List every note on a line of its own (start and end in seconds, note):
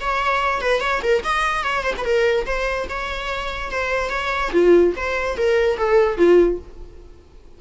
0.00 0.61 C#5
0.61 0.80 B4
0.80 1.01 C#5
1.02 1.23 A#4
1.24 1.63 D#5
1.63 1.83 C#5
1.83 1.93 C5
1.97 2.04 B4
2.04 2.45 A#4
2.46 2.87 C5
2.89 3.71 C#5
3.71 4.09 C5
4.09 4.50 C#5
4.52 4.93 F4
4.96 5.37 C5
5.37 5.77 A#4
5.77 6.17 A4
6.17 6.58 F4